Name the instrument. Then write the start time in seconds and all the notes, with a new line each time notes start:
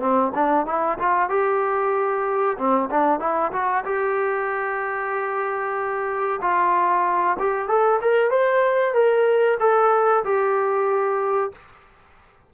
trombone
0.00 C4
0.35 D4
0.66 E4
0.98 F4
1.29 G4
2.58 C4
2.90 D4
3.20 E4
3.52 F#4
3.85 G4
6.41 F4
7.39 G4
7.68 A4
8.01 A#4
8.30 C5
8.94 A#4
9.60 A4
10.24 G4